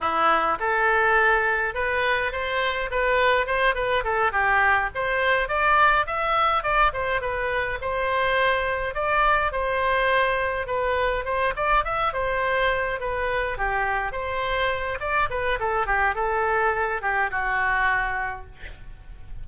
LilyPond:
\new Staff \with { instrumentName = "oboe" } { \time 4/4 \tempo 4 = 104 e'4 a'2 b'4 | c''4 b'4 c''8 b'8 a'8 g'8~ | g'8 c''4 d''4 e''4 d''8 | c''8 b'4 c''2 d''8~ |
d''8 c''2 b'4 c''8 | d''8 e''8 c''4. b'4 g'8~ | g'8 c''4. d''8 b'8 a'8 g'8 | a'4. g'8 fis'2 | }